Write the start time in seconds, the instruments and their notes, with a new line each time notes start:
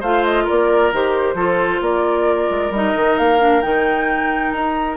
0.00 bassoon A3, clarinet F4, oboe C5, flute F5
0.24 flute D#5
0.44 oboe A#4, flute D5
0.50 bassoon A#3
0.92 bassoon D#3, clarinet G4, flute C5
1.34 bassoon F3, clarinet F4, oboe A4
1.81 bassoon A#3, oboe A#4, flute D5
2.50 bassoon G#3
2.70 bassoon G3, clarinet D#4, flute D#5
2.95 bassoon D#3
3.18 bassoon A#3, flute F5
3.39 clarinet D4
3.61 bassoon D#3, clarinet D#4, flute G5
4.52 bassoon D#4, flute A#5